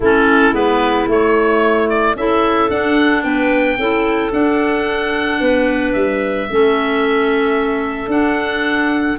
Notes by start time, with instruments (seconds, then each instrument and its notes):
0.00 tuba A3, clarinet C#4 E4, oboe A4
0.52 tuba G#3, clarinet B3, oboe B4
1.07 tuba A3, clarinet A3, oboe C#5
1.89 oboe D5
2.15 tuba C#4, clarinet E4 A4, oboe E5
2.69 clarinet D4, tuba D4, oboe F#5
3.23 tuba B3, clarinet B4, oboe G5
3.78 tuba C#4, clarinet E4 A4
4.31 clarinet D4, tuba D4, oboe F#5
5.39 tuba B3, clarinet B4
5.93 tuba G3, oboe E5
6.49 tuba A3, clarinet C#4 A4
8.07 tuba D4, clarinet D4, oboe F#5